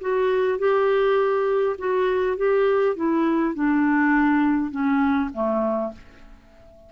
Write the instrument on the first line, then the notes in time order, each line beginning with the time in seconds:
clarinet
0.00 F#4
0.58 G4
1.78 F#4
2.37 G4
2.95 E4
3.54 D4
4.71 C#4
5.33 A3